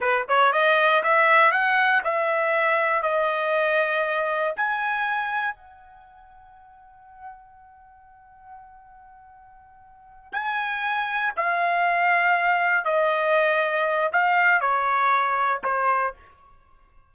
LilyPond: \new Staff \with { instrumentName = "trumpet" } { \time 4/4 \tempo 4 = 119 b'8 cis''8 dis''4 e''4 fis''4 | e''2 dis''2~ | dis''4 gis''2 fis''4~ | fis''1~ |
fis''1~ | fis''8 gis''2 f''4.~ | f''4. dis''2~ dis''8 | f''4 cis''2 c''4 | }